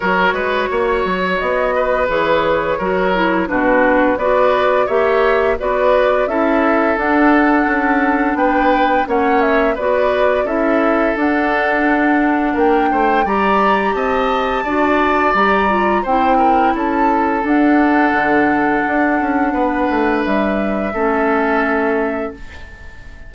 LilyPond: <<
  \new Staff \with { instrumentName = "flute" } { \time 4/4 \tempo 4 = 86 cis''2 dis''4 cis''4~ | cis''4 b'4 d''4 e''4 | d''4 e''4 fis''2 | g''4 fis''8 e''8 d''4 e''4 |
fis''2 g''4 ais''4 | a''2 ais''4 g''4 | a''4 fis''2.~ | fis''4 e''2. | }
  \new Staff \with { instrumentName = "oboe" } { \time 4/4 ais'8 b'8 cis''4. b'4. | ais'4 fis'4 b'4 cis''4 | b'4 a'2. | b'4 cis''4 b'4 a'4~ |
a'2 ais'8 c''8 d''4 | dis''4 d''2 c''8 ais'8 | a'1 | b'2 a'2 | }
  \new Staff \with { instrumentName = "clarinet" } { \time 4/4 fis'2. gis'4 | fis'8 e'8 d'4 fis'4 g'4 | fis'4 e'4 d'2~ | d'4 cis'4 fis'4 e'4 |
d'2. g'4~ | g'4 fis'4 g'8 f'8 e'4~ | e'4 d'2.~ | d'2 cis'2 | }
  \new Staff \with { instrumentName = "bassoon" } { \time 4/4 fis8 gis8 ais8 fis8 b4 e4 | fis4 b,4 b4 ais4 | b4 cis'4 d'4 cis'4 | b4 ais4 b4 cis'4 |
d'2 ais8 a8 g4 | c'4 d'4 g4 c'4 | cis'4 d'4 d4 d'8 cis'8 | b8 a8 g4 a2 | }
>>